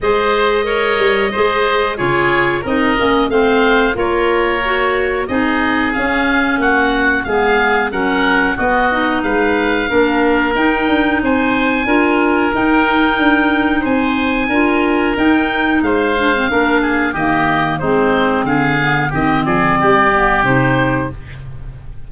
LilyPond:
<<
  \new Staff \with { instrumentName = "oboe" } { \time 4/4 \tempo 4 = 91 dis''2. cis''4 | dis''4 f''4 cis''2 | dis''4 f''4 fis''4 f''4 | fis''4 dis''4 f''2 |
g''4 gis''2 g''4~ | g''4 gis''2 g''4 | f''2 dis''4 c''4 | f''4 dis''8 d''4. c''4 | }
  \new Staff \with { instrumentName = "oboe" } { \time 4/4 c''4 cis''4 c''4 gis'4 | ais'4 c''4 ais'2 | gis'2 fis'4 gis'4 | ais'4 fis'4 b'4 ais'4~ |
ais'4 c''4 ais'2~ | ais'4 c''4 ais'2 | c''4 ais'8 gis'8 g'4 dis'4 | gis'4 g'8 gis'8 g'2 | }
  \new Staff \with { instrumentName = "clarinet" } { \time 4/4 gis'4 ais'4 gis'4 f'4 | dis'8 cis'8 c'4 f'4 fis'4 | dis'4 cis'2 b4 | cis'4 b8 dis'4. d'4 |
dis'2 f'4 dis'4~ | dis'2 f'4 dis'4~ | dis'8 d'16 c'16 d'4 ais4 c'4~ | c'8 b8 c'4. b8 dis'4 | }
  \new Staff \with { instrumentName = "tuba" } { \time 4/4 gis4. g8 gis4 cis4 | c'8 ais8 a4 ais2 | c'4 cis'4 ais4 gis4 | fis4 b4 gis4 ais4 |
dis'8 d'8 c'4 d'4 dis'4 | d'4 c'4 d'4 dis'4 | gis4 ais4 dis4 gis4 | d4 dis8 f8 g4 c4 | }
>>